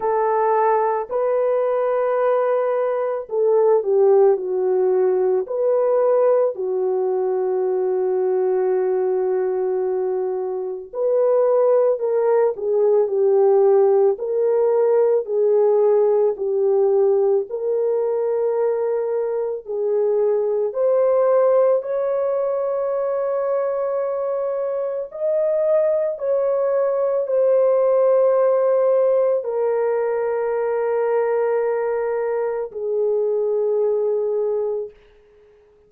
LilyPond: \new Staff \with { instrumentName = "horn" } { \time 4/4 \tempo 4 = 55 a'4 b'2 a'8 g'8 | fis'4 b'4 fis'2~ | fis'2 b'4 ais'8 gis'8 | g'4 ais'4 gis'4 g'4 |
ais'2 gis'4 c''4 | cis''2. dis''4 | cis''4 c''2 ais'4~ | ais'2 gis'2 | }